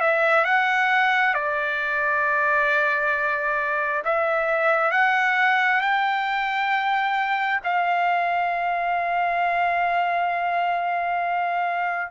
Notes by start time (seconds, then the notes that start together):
0.00 E5
0.44 F#5
1.34 D5
4.05 E5
4.91 F#5
5.81 G5
7.64 F5